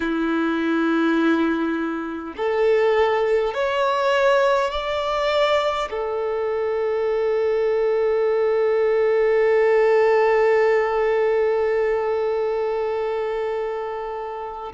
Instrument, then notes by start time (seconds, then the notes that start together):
violin
0.00 E4
2.36 A4
3.53 C#5
4.71 D5
5.90 A4